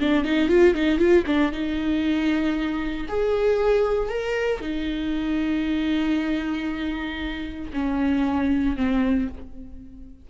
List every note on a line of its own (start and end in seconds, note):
0.00 0.25 D4
0.25 0.49 D#4
0.49 0.75 F4
0.75 0.99 D#4
0.99 1.25 F4
1.27 1.52 D4
1.52 3.07 D#4
3.09 4.10 G#4
4.10 4.61 A#4
4.61 7.71 D#4
7.74 8.77 C#4
8.77 9.28 C4